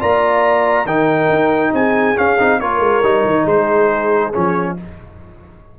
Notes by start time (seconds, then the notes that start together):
0.00 A#3 F4 D5 A#5
0.86 D#3 D#4 A#4 G5
1.29 D#4
1.74 C4 G#4 G#5
2.16 C#4 F5
2.39 C4 D#4
2.60 A#3 F4 A#4 C#5
2.79 G#3
3.03 G3 D#4
3.25 D#3
3.44 G#3 G#4 C5
4.34 F3 C#4 C#5